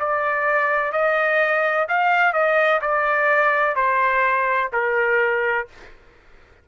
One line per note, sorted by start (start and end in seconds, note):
0.00 0.93 D5
0.93 1.88 D#5
1.89 2.33 F5
2.33 2.81 D#5
2.82 3.77 D5
3.77 4.72 C5
4.73 5.68 A#4